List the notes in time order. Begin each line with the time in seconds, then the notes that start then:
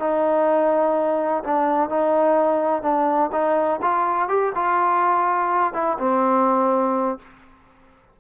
0.00 D#4
1.44 D4
1.90 D#4
2.83 D4
3.33 D#4
3.82 F4
4.29 G4
4.55 F4
5.74 E4
5.99 C4